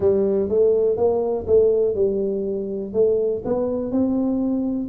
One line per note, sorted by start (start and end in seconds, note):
0.00 0.48 G3
0.48 0.96 A3
0.96 1.45 A#3
1.47 1.94 A3
1.94 2.92 G3
2.92 3.42 A3
3.44 3.91 B3
3.91 4.88 C4